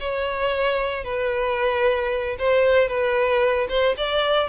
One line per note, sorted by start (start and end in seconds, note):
0.00 1.04 C#5
1.04 2.37 B4
2.38 2.88 C5
2.88 3.67 B4
3.69 3.95 C5
3.97 4.48 D5